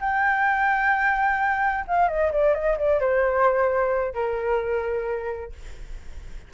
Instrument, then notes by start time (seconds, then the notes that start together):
flute
0.00 G5
1.87 F5
2.08 D#5
2.31 D5
2.54 D#5
2.77 D5
3.00 C5
4.14 A#4